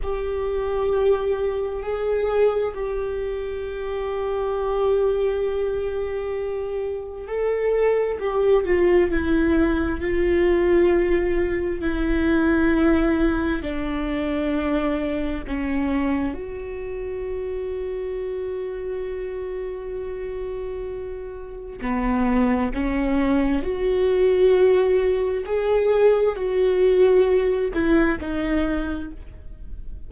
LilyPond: \new Staff \with { instrumentName = "viola" } { \time 4/4 \tempo 4 = 66 g'2 gis'4 g'4~ | g'1 | a'4 g'8 f'8 e'4 f'4~ | f'4 e'2 d'4~ |
d'4 cis'4 fis'2~ | fis'1 | b4 cis'4 fis'2 | gis'4 fis'4. e'8 dis'4 | }